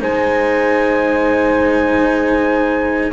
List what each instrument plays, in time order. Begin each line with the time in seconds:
0.00 double bass G#3, cello D#4, horn C5, trumpet G#5